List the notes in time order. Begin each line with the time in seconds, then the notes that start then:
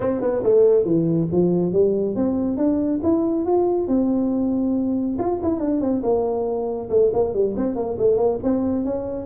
0.00 C4
0.21 B3
0.43 A3
0.84 E3
1.32 F3
1.72 G3
2.15 C4
2.57 D4
3.03 E4
3.45 F4
3.87 C4
5.18 F4
5.42 E4
5.60 D4
5.81 C4
6.03 A#3
6.89 A3
7.13 A#3
7.33 G3
7.56 C4
7.75 A#3
7.98 A3
8.17 A#3
8.43 C4
8.84 C#4